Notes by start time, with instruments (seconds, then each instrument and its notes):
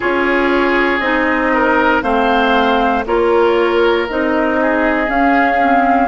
0.00 bassoon C#4, clarinet F4, oboe G#4, flute C#5
0.99 bassoon C4, clarinet D#4, flute D#5
1.54 oboe A#4
2.02 bassoon A3, clarinet C4, oboe C5, flute F5
3.06 bassoon A#3, clarinet F4, oboe A#4, flute C#5
4.08 bassoon C4, clarinet D#4, flute D#5
4.61 oboe G#4
5.07 clarinet C#4, bassoon C#4, flute F5
5.60 clarinet C4